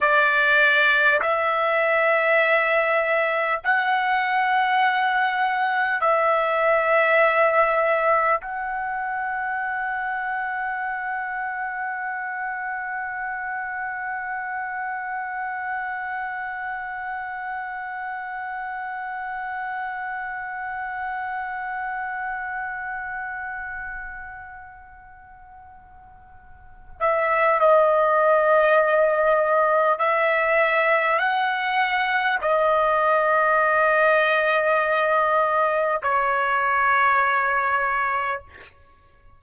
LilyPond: \new Staff \with { instrumentName = "trumpet" } { \time 4/4 \tempo 4 = 50 d''4 e''2 fis''4~ | fis''4 e''2 fis''4~ | fis''1~ | fis''1~ |
fis''1~ | fis''2~ fis''8 e''8 dis''4~ | dis''4 e''4 fis''4 dis''4~ | dis''2 cis''2 | }